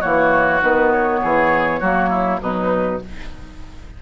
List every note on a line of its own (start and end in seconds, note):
0.00 0.62 E3
0.00 0.61 A#3
0.00 1.20 F#4
0.00 0.61 C#5
0.62 1.22 D#3
0.62 1.81 B3
0.62 0.92 B4
0.92 2.41 C#5
1.22 1.81 E3
1.22 1.80 G#4
1.80 2.41 F#3
1.80 2.40 A#3
1.80 2.09 F#4
2.09 2.39 E4
2.40 3.01 B2
2.40 3.00 F#3
2.40 3.02 D#4
2.40 3.01 B4